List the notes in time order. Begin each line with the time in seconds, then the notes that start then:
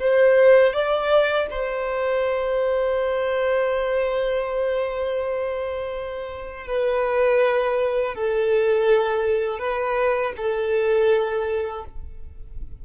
0.00 C5
0.73 D5
1.51 C5
6.67 B4
8.15 A4
9.59 B4
10.37 A4